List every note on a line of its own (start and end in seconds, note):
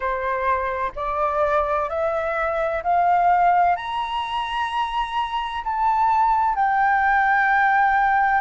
0.00 0.92 C5
0.95 1.89 D5
1.89 2.83 E5
2.83 3.76 F5
3.76 5.63 A#5
5.63 6.55 A5
6.55 8.41 G5